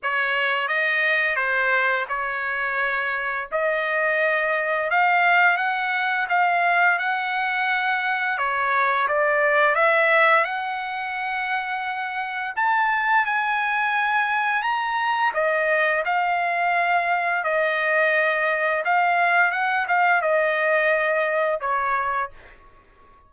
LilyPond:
\new Staff \with { instrumentName = "trumpet" } { \time 4/4 \tempo 4 = 86 cis''4 dis''4 c''4 cis''4~ | cis''4 dis''2 f''4 | fis''4 f''4 fis''2 | cis''4 d''4 e''4 fis''4~ |
fis''2 a''4 gis''4~ | gis''4 ais''4 dis''4 f''4~ | f''4 dis''2 f''4 | fis''8 f''8 dis''2 cis''4 | }